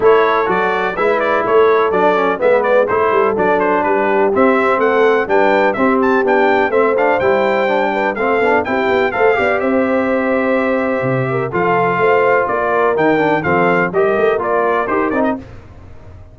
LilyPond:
<<
  \new Staff \with { instrumentName = "trumpet" } { \time 4/4 \tempo 4 = 125 cis''4 d''4 e''8 d''8 cis''4 | d''4 e''8 d''8 c''4 d''8 c''8 | b'4 e''4 fis''4 g''4 | e''8 a''8 g''4 e''8 f''8 g''4~ |
g''4 f''4 g''4 f''4 | e''1 | f''2 d''4 g''4 | f''4 dis''4 d''4 c''8 d''16 dis''16 | }
  \new Staff \with { instrumentName = "horn" } { \time 4/4 a'2 b'4 a'4~ | a'4 b'4 a'2 | g'2 a'4 b'4 | g'2 c''2~ |
c''8 b'8 a'4 g'4 c''8 d''8 | c''2.~ c''8 ais'8 | a'4 c''4 ais'2 | a'4 ais'2. | }
  \new Staff \with { instrumentName = "trombone" } { \time 4/4 e'4 fis'4 e'2 | d'8 cis'8 b4 e'4 d'4~ | d'4 c'2 d'4 | c'4 d'4 c'8 d'8 e'4 |
d'4 c'8 d'8 e'4 a'8 g'8~ | g'1 | f'2. dis'8 d'8 | c'4 g'4 f'4 g'8 dis'8 | }
  \new Staff \with { instrumentName = "tuba" } { \time 4/4 a4 fis4 gis4 a4 | fis4 gis4 a8 g8 fis4 | g4 c'4 a4 g4 | c'4 b4 a4 g4~ |
g4 a8 b8 c'8 b8 a8 b8 | c'2. c4 | f4 a4 ais4 dis4 | f4 g8 a8 ais4 dis'8 c'8 | }
>>